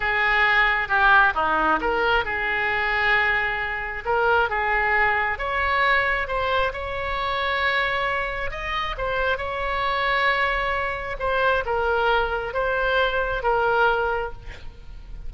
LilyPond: \new Staff \with { instrumentName = "oboe" } { \time 4/4 \tempo 4 = 134 gis'2 g'4 dis'4 | ais'4 gis'2.~ | gis'4 ais'4 gis'2 | cis''2 c''4 cis''4~ |
cis''2. dis''4 | c''4 cis''2.~ | cis''4 c''4 ais'2 | c''2 ais'2 | }